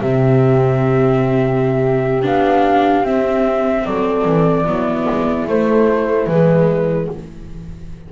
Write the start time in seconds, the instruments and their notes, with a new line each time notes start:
0.00 double bass C3, viola C4, horn G4, flute E5
2.22 double bass B3, viola D4, flute F5
3.03 double bass C4, viola C4, flute E5
3.85 double bass F#3, horn A4, flute D5
4.25 double bass E3
4.65 double bass F#3, viola B3, horn E4
5.10 double bass G#3
5.48 double bass A3, viola A3, flute C5
6.27 double bass E3, viola G#3, flute B4